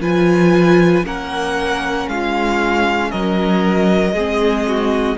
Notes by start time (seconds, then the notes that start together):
0.00 F3 F4 B4 G#5
1.03 A#3 C#4 A#4 F#5
2.08 G#3 F4 F5
3.10 F#3 A#4 D#5
4.12 G#3 C4 G#4
4.67 F#4